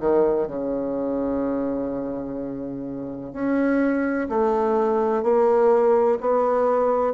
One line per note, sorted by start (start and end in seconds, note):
0.00 0.47 D#3
0.47 3.33 C#3
3.33 4.28 C#4
4.29 5.23 A3
5.23 6.18 A#3
6.21 7.13 B3